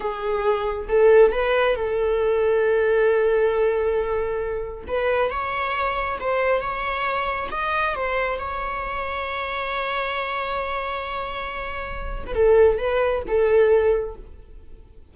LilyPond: \new Staff \with { instrumentName = "viola" } { \time 4/4 \tempo 4 = 136 gis'2 a'4 b'4 | a'1~ | a'2. b'4 | cis''2 c''4 cis''4~ |
cis''4 dis''4 c''4 cis''4~ | cis''1~ | cis''2.~ cis''8. b'16 | a'4 b'4 a'2 | }